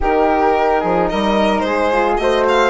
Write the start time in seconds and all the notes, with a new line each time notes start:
0.00 D#3 D#4 G4 A#4
0.80 F3 G#4
1.09 G3 A#4 D#5
1.59 G#3 C5
1.66 G#4
1.92 F4
2.17 A3 F#4 C5 D#5
2.48 F5